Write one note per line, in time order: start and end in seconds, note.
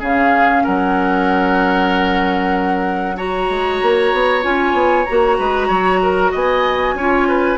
0.00 0.64 C#3
0.00 3.17 C#4
0.00 0.63 G#4
0.00 0.65 F5
0.64 3.50 F#3
0.64 3.16 A#4
0.64 3.17 F#5
3.17 4.42 F#4
3.17 5.38 C#5
3.17 4.43 A#5
3.50 3.81 G#3
3.82 4.13 A#3
4.13 4.44 B3
4.42 4.73 C#4
4.42 5.05 F4
4.42 5.05 G#5
4.73 5.05 B3
5.05 5.39 A#3
5.05 6.99 F#4
5.05 6.31 A#5
5.38 5.69 G#3
5.38 5.67 B4
5.67 6.32 F#3
5.67 5.99 C#5
6.03 6.31 A#4
6.31 6.94 B3
6.31 6.95 D#5
6.31 7.58 G#5
6.94 7.57 C#4
6.94 7.58 F4
6.94 7.28 C#5
7.28 7.58 B4